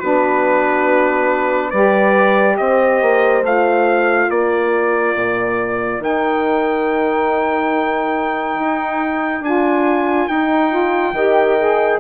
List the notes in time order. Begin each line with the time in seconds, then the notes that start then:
0.00 B3 D4 F#4 B4
1.71 G3 G4 B4 D5
2.58 C4 C5 D#5
3.02 A#3
3.43 A3 F4 F5
4.30 A#3 A#4 D5
5.15 A#2
6.00 D#3 D#4 G5
8.60 D#4
9.41 D4 F4 G#5
10.28 D#4 G5
10.71 F4
11.13 D#3 G4 D#5
11.59 G#4